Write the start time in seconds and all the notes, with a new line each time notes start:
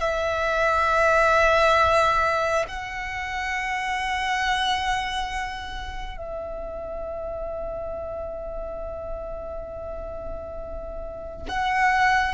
0.00 E5
2.68 F#5
6.17 E5
11.48 F#5